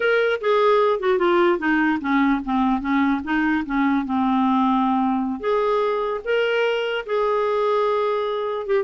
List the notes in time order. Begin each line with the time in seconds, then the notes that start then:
0.00 A#4
0.40 G#4
0.99 F#4
1.18 F4
1.58 D#4
2.00 C#4
2.45 C4
2.80 C#4
3.23 D#4
3.65 C#4
4.05 C4
5.40 G#4
6.24 A#4
7.06 G#4
8.66 G4